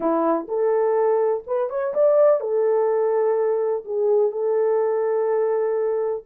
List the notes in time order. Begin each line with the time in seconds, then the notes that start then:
0.00 E4
0.47 A4
1.46 B4
1.69 C#5
1.94 D5
2.40 A4
3.84 G#4
4.31 A4